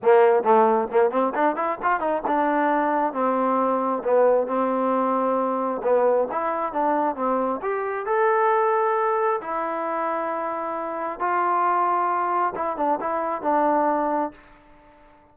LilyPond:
\new Staff \with { instrumentName = "trombone" } { \time 4/4 \tempo 4 = 134 ais4 a4 ais8 c'8 d'8 e'8 | f'8 dis'8 d'2 c'4~ | c'4 b4 c'2~ | c'4 b4 e'4 d'4 |
c'4 g'4 a'2~ | a'4 e'2.~ | e'4 f'2. | e'8 d'8 e'4 d'2 | }